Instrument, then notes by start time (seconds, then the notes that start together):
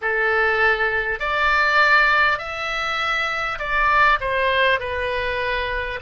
oboe
0.01 A4
1.19 D5
2.38 E5
3.58 D5
4.20 C5
4.79 B4